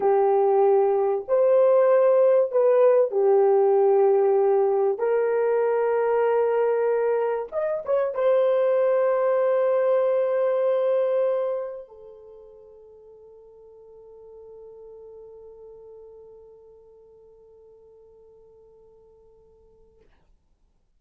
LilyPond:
\new Staff \with { instrumentName = "horn" } { \time 4/4 \tempo 4 = 96 g'2 c''2 | b'4 g'2. | ais'1 | dis''8 cis''8 c''2.~ |
c''2. a'4~ | a'1~ | a'1~ | a'1 | }